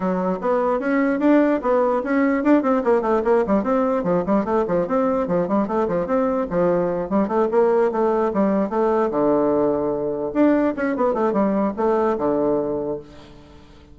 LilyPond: \new Staff \with { instrumentName = "bassoon" } { \time 4/4 \tempo 4 = 148 fis4 b4 cis'4 d'4 | b4 cis'4 d'8 c'8 ais8 a8 | ais8 g8 c'4 f8 g8 a8 f8 | c'4 f8 g8 a8 f8 c'4 |
f4. g8 a8 ais4 a8~ | a8 g4 a4 d4.~ | d4. d'4 cis'8 b8 a8 | g4 a4 d2 | }